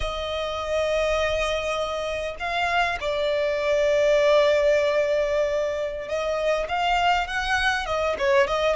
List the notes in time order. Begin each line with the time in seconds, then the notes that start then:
0.00 D#5
2.39 F5
3.00 D5
6.08 D#5
6.68 F5
7.27 F#5
7.86 D#5
8.18 C#5
8.47 D#5